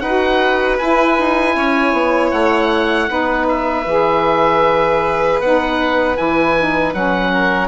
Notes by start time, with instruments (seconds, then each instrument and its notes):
0.00 bassoon D#4, saxophone F#4, violin B4, oboe F#5
0.78 saxophone E4, bassoon E4, oboe G#5
1.18 bassoon D#4
1.55 bassoon C#4, violin C#5
1.93 bassoon B3
2.31 bassoon A3, oboe F#5
3.08 bassoon B3, saxophone D#4, violin B4
3.48 oboe E5
3.86 bassoon E3, saxophone G#4
5.40 bassoon B3, saxophone D#4, oboe F#5
6.16 bassoon E3, saxophone E4, oboe G#5
6.58 saxophone D#4
6.93 bassoon F#3, saxophone C#4, oboe F#5
7.30 violin A#4